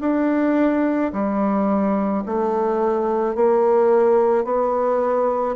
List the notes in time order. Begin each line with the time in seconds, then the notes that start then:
0.00 D4
1.12 G3
2.26 A3
3.35 A#3
4.44 B3